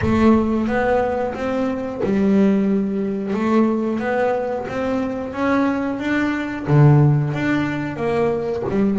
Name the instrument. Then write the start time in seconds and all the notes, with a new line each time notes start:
double bass
0.01 A3
0.67 B3
1.34 C4
2.03 G3
3.33 A3
3.99 B3
4.68 C4
5.33 C#4
5.99 D4
6.67 D3
7.33 D4
7.96 A#3
8.69 G3